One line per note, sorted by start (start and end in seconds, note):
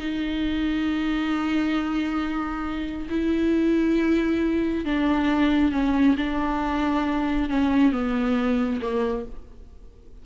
0.00 3.09 D#4
3.10 4.85 E4
4.85 5.72 D4
5.72 6.16 C#4
6.18 7.50 D4
7.50 7.93 C#4
7.93 8.81 B3
8.82 9.26 A#3